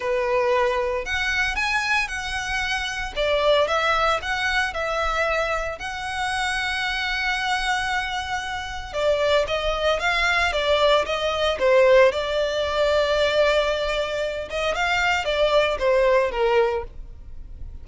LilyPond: \new Staff \with { instrumentName = "violin" } { \time 4/4 \tempo 4 = 114 b'2 fis''4 gis''4 | fis''2 d''4 e''4 | fis''4 e''2 fis''4~ | fis''1~ |
fis''4 d''4 dis''4 f''4 | d''4 dis''4 c''4 d''4~ | d''2.~ d''8 dis''8 | f''4 d''4 c''4 ais'4 | }